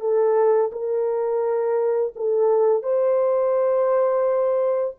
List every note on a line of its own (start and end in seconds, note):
0.00 0.71 A4
0.72 2.13 A#4
2.15 2.82 A4
2.82 4.94 C5